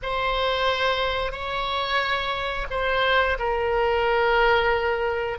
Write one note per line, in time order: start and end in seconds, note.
0.02 1.31 C5
1.31 2.66 C#5
2.70 3.37 C5
3.39 5.38 A#4